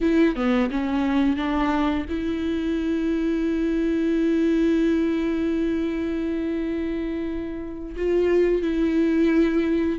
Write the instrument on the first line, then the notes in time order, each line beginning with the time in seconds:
viola
0.01 E4
0.35 B3
0.71 C#4
1.36 D4
2.09 E4
7.96 F4
8.62 E4